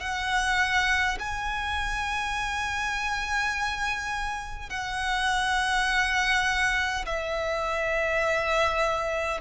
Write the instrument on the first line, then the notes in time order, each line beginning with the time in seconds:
violin
0.00 F#5
1.19 G#5
4.70 F#5
7.05 E5